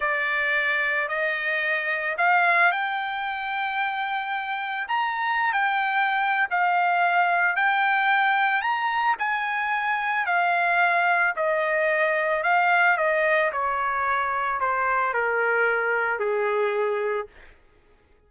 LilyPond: \new Staff \with { instrumentName = "trumpet" } { \time 4/4 \tempo 4 = 111 d''2 dis''2 | f''4 g''2.~ | g''4 ais''4~ ais''16 g''4.~ g''16 | f''2 g''2 |
ais''4 gis''2 f''4~ | f''4 dis''2 f''4 | dis''4 cis''2 c''4 | ais'2 gis'2 | }